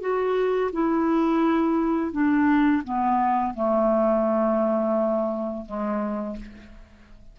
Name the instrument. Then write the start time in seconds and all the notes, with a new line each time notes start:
clarinet
0.00 F#4
0.72 E4
2.12 D4
2.84 B3
3.54 A3
5.65 G#3